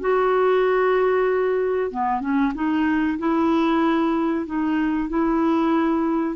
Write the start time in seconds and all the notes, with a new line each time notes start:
0.00 F#4
1.91 B3
2.21 C#4
2.54 D#4
3.19 E4
4.46 D#4
5.09 E4